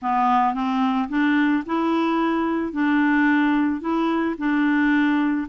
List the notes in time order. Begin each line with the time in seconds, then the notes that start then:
0.01 B3
0.54 C4
1.09 D4
1.66 E4
2.72 D4
3.81 E4
4.38 D4